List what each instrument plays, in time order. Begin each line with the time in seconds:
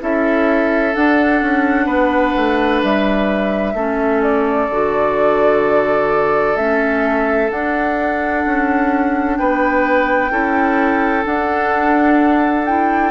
0.00 bassoon C#4, clarinet E4, oboe A4, flute E5
0.93 clarinet D4, bassoon D4, flute F#5
1.42 bassoon C#4
1.86 bassoon B3, oboe B4
2.37 bassoon A3
2.83 bassoon G3, flute E5
3.74 bassoon A3, clarinet C#4, oboe A4
4.23 flute D5
4.70 bassoon D3, clarinet F#4
6.56 bassoon A3, clarinet C#4, flute E5
7.50 clarinet D4, bassoon D4, flute F#5
8.46 bassoon C#4
9.38 bassoon B3, oboe B4, flute G5
10.31 bassoon C#4, clarinet E4, oboe A4
11.24 clarinet D4, bassoon D4, flute F#5
12.66 clarinet E4, flute G5